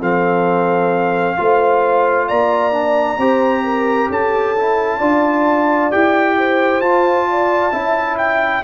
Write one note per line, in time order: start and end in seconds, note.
0.00 1.37 F3
0.00 1.37 C4
0.00 1.36 A4
0.00 2.28 F5
1.37 2.30 A3
1.37 2.72 F4
1.37 2.27 C5
2.27 3.17 A#3
2.27 3.17 D5
2.27 4.10 A#5
2.72 3.17 D4
3.17 4.08 C4
3.17 4.56 G4
3.17 3.63 C5
3.63 4.09 A#4
4.09 5.00 C#4
4.09 4.97 A4
4.09 5.91 A5
4.56 5.00 E4
4.97 5.91 D4
4.97 5.91 F4
4.97 6.34 D5
5.91 6.80 E4
5.91 6.82 G4
5.91 6.81 G5
6.37 7.28 C5
6.80 7.71 F4
6.80 7.72 F4
6.80 8.17 A5
7.29 7.73 D5
7.72 8.63 C#4
7.72 8.62 E4
7.72 8.63 E5
8.18 8.63 G5